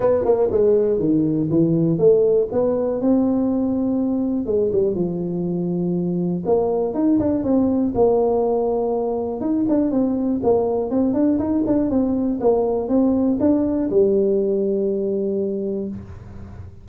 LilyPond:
\new Staff \with { instrumentName = "tuba" } { \time 4/4 \tempo 4 = 121 b8 ais8 gis4 dis4 e4 | a4 b4 c'2~ | c'4 gis8 g8 f2~ | f4 ais4 dis'8 d'8 c'4 |
ais2. dis'8 d'8 | c'4 ais4 c'8 d'8 dis'8 d'8 | c'4 ais4 c'4 d'4 | g1 | }